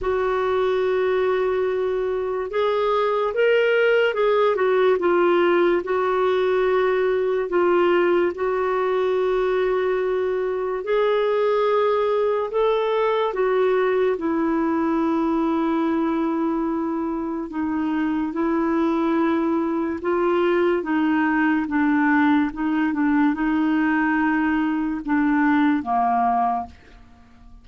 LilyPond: \new Staff \with { instrumentName = "clarinet" } { \time 4/4 \tempo 4 = 72 fis'2. gis'4 | ais'4 gis'8 fis'8 f'4 fis'4~ | fis'4 f'4 fis'2~ | fis'4 gis'2 a'4 |
fis'4 e'2.~ | e'4 dis'4 e'2 | f'4 dis'4 d'4 dis'8 d'8 | dis'2 d'4 ais4 | }